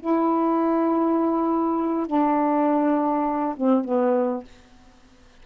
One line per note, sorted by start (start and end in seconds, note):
0.00 2.07 E4
2.07 3.56 D4
3.57 3.85 C4
3.85 4.44 B3